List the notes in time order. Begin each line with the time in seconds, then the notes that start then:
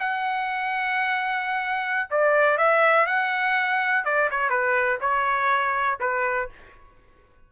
0.00 F#5
2.11 D5
2.58 E5
3.07 F#5
4.05 D5
4.31 C#5
4.50 B4
5.01 C#5
6.00 B4